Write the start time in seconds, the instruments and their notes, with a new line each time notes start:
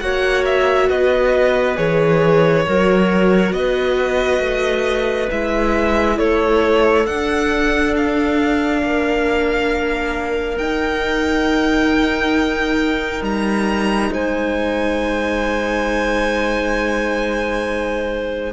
0.00 cello A#3, viola F#4, clarinet C#5, violin F#5
0.45 violin E5
0.88 cello B3, clarinet B4, violin D#5
1.76 cello E3, viola G#4, violin C#5
2.66 cello F#3, viola F#4, clarinet A#4
3.52 cello B3, clarinet B4, violin D#5
4.40 cello A3
5.30 cello G#3, viola E4, violin E5
6.17 cello A3, clarinet A4, violin C#5
7.06 viola D4, cello D4, violin F#5
7.96 violin F5
8.83 cello A#3, clarinet A#4
10.58 cello D#4, viola D#4, violin G5
13.22 cello G3, violin A#5
14.12 cello G#3, clarinet C5, violin G#5